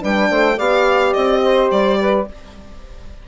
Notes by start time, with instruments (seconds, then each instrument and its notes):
0.00 bassoon G3, horn D4, saxophone B4, violin G5
0.29 bassoon A3, saxophone C5
0.56 bassoon B3, horn G4, saxophone D5, violin F5
1.13 bassoon C4, violin D#5
1.43 saxophone C5
1.71 bassoon G3, violin D5
2.00 saxophone B4